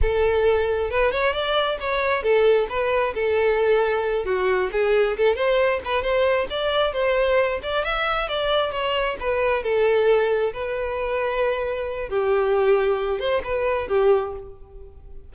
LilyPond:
\new Staff \with { instrumentName = "violin" } { \time 4/4 \tempo 4 = 134 a'2 b'8 cis''8 d''4 | cis''4 a'4 b'4 a'4~ | a'4. fis'4 gis'4 a'8 | c''4 b'8 c''4 d''4 c''8~ |
c''4 d''8 e''4 d''4 cis''8~ | cis''8 b'4 a'2 b'8~ | b'2. g'4~ | g'4. c''8 b'4 g'4 | }